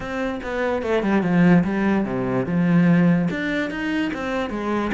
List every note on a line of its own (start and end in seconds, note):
0.00 0.40 C4
0.43 0.82 B3
0.82 1.03 A3
1.03 1.22 G3
1.22 1.63 F3
1.63 2.05 G3
2.05 2.46 C3
2.46 3.28 F3
3.30 3.70 D4
3.70 4.11 D#4
4.13 4.50 C4
4.50 4.91 G#3